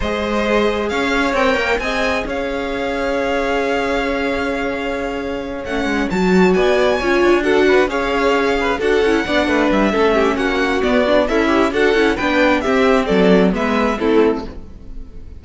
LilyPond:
<<
  \new Staff \with { instrumentName = "violin" } { \time 4/4 \tempo 4 = 133 dis''2 f''4 g''4 | gis''4 f''2.~ | f''1~ | f''8 fis''4 a''4 gis''4.~ |
gis''8 fis''4 f''2 fis''8~ | fis''4. e''4. fis''4 | d''4 e''4 fis''4 g''4 | e''4 d''4 e''4 a'4 | }
  \new Staff \with { instrumentName = "violin" } { \time 4/4 c''2 cis''2 | dis''4 cis''2.~ | cis''1~ | cis''2~ cis''8 d''4 cis''8~ |
cis''8 a'8 b'8 cis''4. b'8 a'8~ | a'8 d''8 b'4 a'8 g'8 fis'4~ | fis'4 e'4 a'4 b'4 | g'4 a'4 b'4 e'4 | }
  \new Staff \with { instrumentName = "viola" } { \time 4/4 gis'2. ais'4 | gis'1~ | gis'1~ | gis'8 cis'4 fis'2 f'8~ |
f'8 fis'4 gis'2 fis'8 | e'8 d'4. cis'2 | b8 d'8 a'8 g'8 fis'8 e'8 d'4 | c'2 b4 c'4 | }
  \new Staff \with { instrumentName = "cello" } { \time 4/4 gis2 cis'4 c'8 ais8 | c'4 cis'2.~ | cis'1~ | cis'8 a8 gis8 fis4 b4 cis'8 |
d'4. cis'2 d'8 | cis'8 b8 a8 g8 a4 ais4 | b4 cis'4 d'8 cis'8 b4 | c'4 fis4 gis4 a4 | }
>>